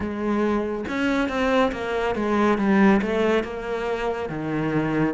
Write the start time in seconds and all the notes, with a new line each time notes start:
0.00 G#3
0.88 C#4
1.28 C4
1.72 A#3
2.15 G#3
2.58 G3
3.01 A3
3.43 A#3
4.29 D#3